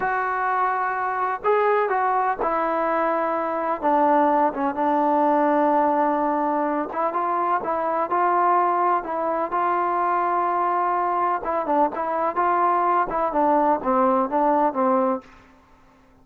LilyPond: \new Staff \with { instrumentName = "trombone" } { \time 4/4 \tempo 4 = 126 fis'2. gis'4 | fis'4 e'2. | d'4. cis'8 d'2~ | d'2~ d'8 e'8 f'4 |
e'4 f'2 e'4 | f'1 | e'8 d'8 e'4 f'4. e'8 | d'4 c'4 d'4 c'4 | }